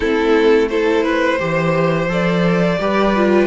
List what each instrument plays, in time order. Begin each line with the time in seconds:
0.00 cello A3, viola C4, violin E4 A4
0.68 viola E4, violin A4 C5
1.03 violin B4
1.39 cello E3, viola G4, violin C5
2.08 cello F3, viola A4, violin D5
2.79 cello G3, viola G4, violin B4
3.15 viola F4